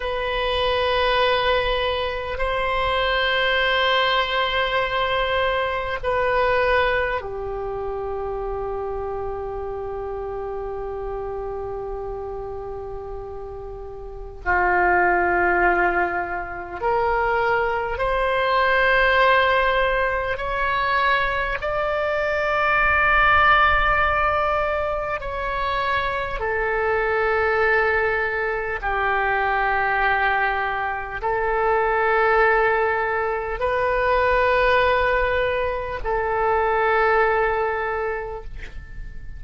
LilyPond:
\new Staff \with { instrumentName = "oboe" } { \time 4/4 \tempo 4 = 50 b'2 c''2~ | c''4 b'4 g'2~ | g'1 | f'2 ais'4 c''4~ |
c''4 cis''4 d''2~ | d''4 cis''4 a'2 | g'2 a'2 | b'2 a'2 | }